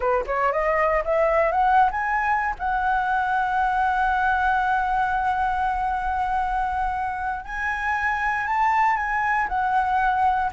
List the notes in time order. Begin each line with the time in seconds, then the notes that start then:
0.00 B4
0.26 C#5
0.52 D#5
1.04 E5
1.51 F#5
1.91 G#5
2.58 F#5
7.44 G#5
8.46 A5
8.96 G#5
9.48 F#5